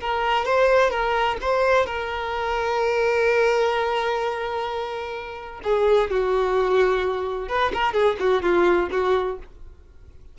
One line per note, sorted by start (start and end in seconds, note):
0.00 0.45 A#4
0.45 0.90 C5
0.90 1.37 A#4
1.41 1.86 C5
1.86 5.61 A#4
5.63 6.10 G#4
6.10 7.48 F#4
7.48 7.72 B4
7.73 7.93 A#4
7.93 8.16 G#4
8.19 8.42 F#4
8.42 8.89 F4
8.91 9.38 F#4